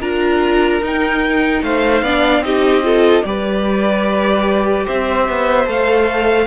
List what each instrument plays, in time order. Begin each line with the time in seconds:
0.00 cello D4, viola F4, violin A#4 A#5
0.81 cello D#4, viola D#4, violin G5
1.62 cello A3, violin C5 F5
2.02 cello B3, viola D4, violin D5
2.40 cello C4, viola D#4, violin G4 D#5
2.83 viola F4, violin A4
3.24 cello G3, viola G4, violin B4 D5
4.84 cello C4, violin C5 E5
5.28 cello B3
5.66 cello A3, viola A4, violin F5